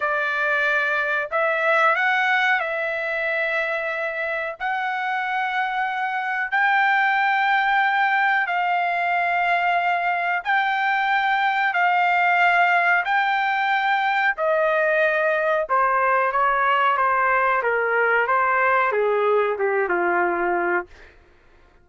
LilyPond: \new Staff \with { instrumentName = "trumpet" } { \time 4/4 \tempo 4 = 92 d''2 e''4 fis''4 | e''2. fis''4~ | fis''2 g''2~ | g''4 f''2. |
g''2 f''2 | g''2 dis''2 | c''4 cis''4 c''4 ais'4 | c''4 gis'4 g'8 f'4. | }